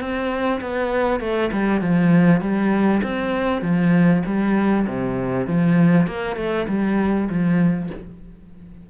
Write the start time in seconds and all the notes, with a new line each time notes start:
0.00 C4
0.61 B3
1.20 A3
1.52 G3
1.81 F3
2.41 G3
3.03 C4
3.62 F3
4.26 G3
4.87 C3
5.47 F3
6.07 A#3
6.36 A3
6.68 G3
7.29 F3